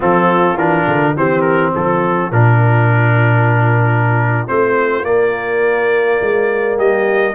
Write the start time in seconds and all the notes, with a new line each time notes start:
0.00 F3 C4 F4 A4
0.55 E3 D4 A#4
0.87 D3
1.16 E3 C4 G4 C5
1.41 A#4
1.73 F3 F4 A4
2.31 A#2 D4 A#4
4.47 A3 C4 C5
5.03 A#3 D5
6.21 G#3
6.75 G3 G4 D#5